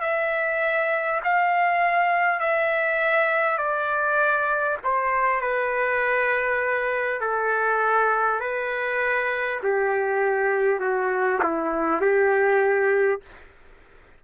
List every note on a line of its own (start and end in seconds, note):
0.00 1.20 E5
1.23 2.39 F5
2.39 3.58 E5
3.58 4.78 D5
4.83 5.41 C5
5.41 7.21 B4
7.21 8.40 A4
8.40 9.60 B4
9.63 10.79 G4
10.79 11.39 F#4
11.42 12.01 E4
12.01 13.21 G4